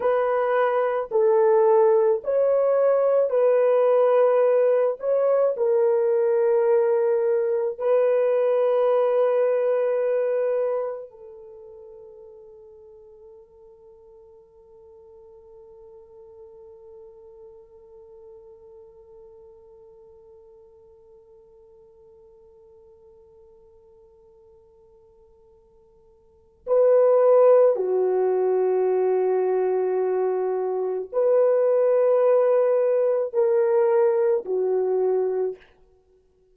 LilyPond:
\new Staff \with { instrumentName = "horn" } { \time 4/4 \tempo 4 = 54 b'4 a'4 cis''4 b'4~ | b'8 cis''8 ais'2 b'4~ | b'2 a'2~ | a'1~ |
a'1~ | a'1 | b'4 fis'2. | b'2 ais'4 fis'4 | }